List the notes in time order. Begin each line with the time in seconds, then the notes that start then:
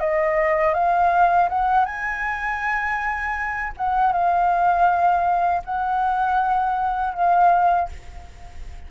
0.00 D#5
0.74 F5
1.49 F#5
1.85 G#5
3.77 F#5
4.12 F5
5.65 F#5
7.14 F5